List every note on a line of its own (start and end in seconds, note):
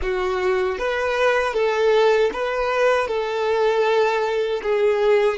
0.02 0.78 F#4
0.78 1.53 B4
1.53 2.30 A4
2.33 3.07 B4
3.07 4.61 A4
4.63 5.37 G#4